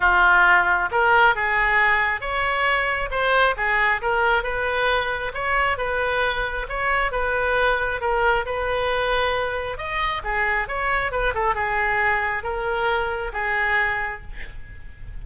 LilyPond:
\new Staff \with { instrumentName = "oboe" } { \time 4/4 \tempo 4 = 135 f'2 ais'4 gis'4~ | gis'4 cis''2 c''4 | gis'4 ais'4 b'2 | cis''4 b'2 cis''4 |
b'2 ais'4 b'4~ | b'2 dis''4 gis'4 | cis''4 b'8 a'8 gis'2 | ais'2 gis'2 | }